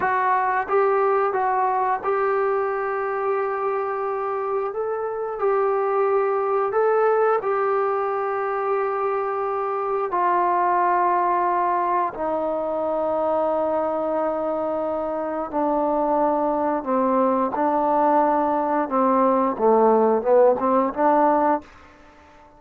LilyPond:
\new Staff \with { instrumentName = "trombone" } { \time 4/4 \tempo 4 = 89 fis'4 g'4 fis'4 g'4~ | g'2. a'4 | g'2 a'4 g'4~ | g'2. f'4~ |
f'2 dis'2~ | dis'2. d'4~ | d'4 c'4 d'2 | c'4 a4 b8 c'8 d'4 | }